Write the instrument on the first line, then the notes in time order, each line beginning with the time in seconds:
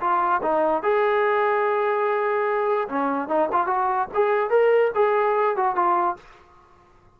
trombone
0.00 F4
0.42 D#4
0.82 G#4
2.88 C#4
3.28 D#4
3.52 F4
3.67 F#4
4.14 G#4
4.50 A#4
4.95 G#4
5.56 F#4
5.75 F4